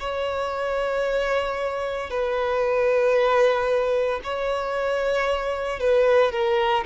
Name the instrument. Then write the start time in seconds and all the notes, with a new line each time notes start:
violin
0.00 C#5
2.10 B4
4.23 C#5
5.79 B4
6.32 A#4